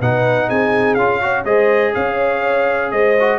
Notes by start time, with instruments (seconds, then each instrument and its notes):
0.00 tuba B2, trombone D#4, horn B4, trumpet F#5
0.48 tuba C4, horn G#4, trumpet G#5
0.94 tuba C#4, trombone F4, trumpet F5
1.21 trombone F#4, horn C#5
1.45 tuba G#3, trombone G#4, horn C5, trumpet D#5
1.94 tuba C#4, horn C#5, trumpet F5
2.91 tuba G#3, horn C5, trumpet D#5
3.20 trombone F#4